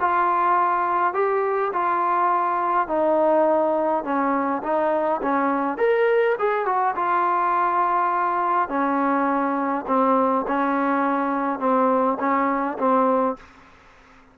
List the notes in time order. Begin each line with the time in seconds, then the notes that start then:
0.00 F4
1.14 G4
1.73 F4
2.88 D#4
4.04 C#4
4.63 D#4
5.22 C#4
5.78 A#4
6.39 G#4
6.66 F#4
6.96 F4
8.69 C#4
9.87 C4
10.48 C#4
11.59 C4
12.20 C#4
12.78 C4